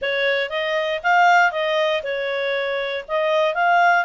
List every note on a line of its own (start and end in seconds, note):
0.01 0.49 C#5
0.49 1.00 D#5
1.03 1.51 F5
1.51 2.02 D#5
2.03 3.04 C#5
3.08 3.54 D#5
3.54 4.05 F5